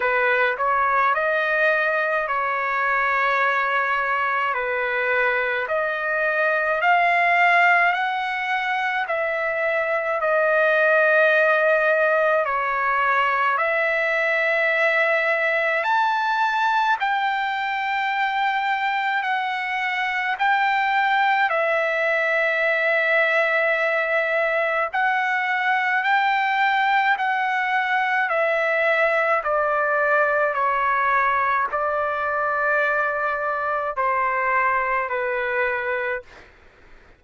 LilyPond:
\new Staff \with { instrumentName = "trumpet" } { \time 4/4 \tempo 4 = 53 b'8 cis''8 dis''4 cis''2 | b'4 dis''4 f''4 fis''4 | e''4 dis''2 cis''4 | e''2 a''4 g''4~ |
g''4 fis''4 g''4 e''4~ | e''2 fis''4 g''4 | fis''4 e''4 d''4 cis''4 | d''2 c''4 b'4 | }